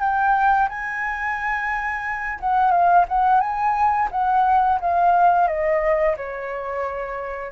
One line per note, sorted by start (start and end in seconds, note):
0.00 0.68 G5
0.69 2.39 G#5
2.40 2.71 F#5
2.71 3.05 F5
3.08 3.40 F#5
3.40 4.08 G#5
4.11 4.79 F#5
4.80 5.47 F5
5.47 6.15 D#5
6.16 7.52 C#5